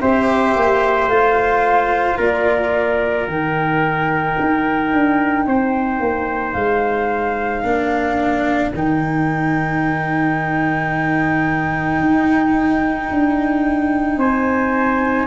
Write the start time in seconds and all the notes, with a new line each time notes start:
0.00 C4 G4 C5 E5
0.56 A#3
1.07 A3 F4 F5
2.17 A#3 A#4 D5
3.25 D#3 D#4 G5
4.40 D#4
4.92 D4
5.46 C4 C5
6.00 A#3
6.52 G#3 F5
7.63 A#3 D4 A#4
8.74 D#3 D#4 G5
12.00 D#4
13.10 D4
14.16 C4 C5 G#5